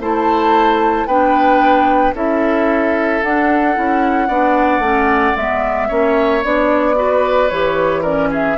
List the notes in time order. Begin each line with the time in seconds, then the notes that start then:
0.00 A3 E4 C5 A5
1.06 B3 D4 B4 G5
2.14 C#4 E4 A4 E5
3.23 D4 F#5
3.74 C#4 E4
4.28 B3 D4 D5
4.79 A3 C#4
5.36 G#3 B3 E5
5.88 A#3 C#4 C#5
6.43 B3 D4 D5
6.95 F#4 B4
7.49 E3 G4 C#5
8.02 C#4 A#4 D5
8.30 G#4 E5